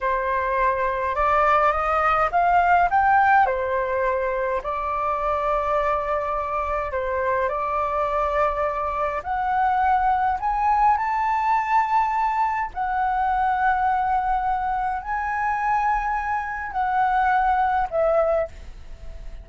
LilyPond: \new Staff \with { instrumentName = "flute" } { \time 4/4 \tempo 4 = 104 c''2 d''4 dis''4 | f''4 g''4 c''2 | d''1 | c''4 d''2. |
fis''2 gis''4 a''4~ | a''2 fis''2~ | fis''2 gis''2~ | gis''4 fis''2 e''4 | }